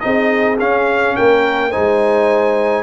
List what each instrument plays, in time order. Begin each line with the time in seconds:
0.00 tuba C4, trombone D#4, horn G#4, trumpet D#5
0.59 tuba C#4, trombone C#4, trumpet F5
1.16 tuba A#3, horn A#4, trumpet G5
1.70 tuba G#3, trombone D#4, horn C5, trumpet G#5